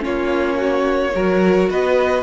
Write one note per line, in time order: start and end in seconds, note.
0.00 1.15 A#3
0.00 1.10 C#4
0.00 0.58 F4
0.00 1.70 C#5
0.58 1.13 F#4
1.15 1.70 F#3
1.15 2.24 F#4
1.15 1.70 A#4
1.70 2.24 B3
1.70 2.24 B4
1.70 2.24 D#5